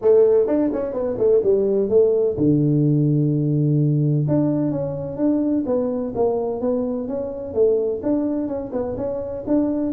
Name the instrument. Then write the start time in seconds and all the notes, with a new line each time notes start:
tuba
0.01 A3
0.47 D4
0.72 C#4
0.93 B3
1.17 A3
1.43 G3
1.89 A3
2.37 D3
4.28 D4
4.71 C#4
5.16 D4
5.65 B3
6.15 A#3
6.60 B3
7.08 C#4
7.54 A3
8.02 D4
8.47 C#4
8.72 B3
8.97 C#4
9.47 D4